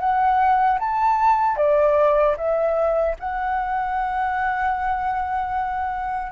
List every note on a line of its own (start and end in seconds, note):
0.00 0.79 F#5
0.80 1.57 A5
1.57 2.36 D5
2.37 3.16 E5
3.20 6.32 F#5